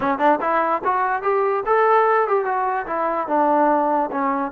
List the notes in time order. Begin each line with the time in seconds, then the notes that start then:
0.00 C#4
0.18 D4
0.40 E4
0.84 F#4
1.22 G4
1.66 A4
2.27 G4
2.45 F#4
2.86 E4
3.27 D4
4.11 C#4